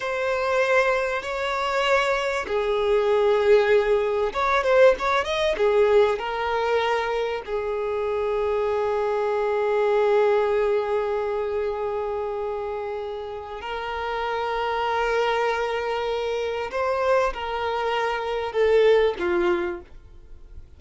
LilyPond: \new Staff \with { instrumentName = "violin" } { \time 4/4 \tempo 4 = 97 c''2 cis''2 | gis'2. cis''8 c''8 | cis''8 dis''8 gis'4 ais'2 | gis'1~ |
gis'1~ | gis'2 ais'2~ | ais'2. c''4 | ais'2 a'4 f'4 | }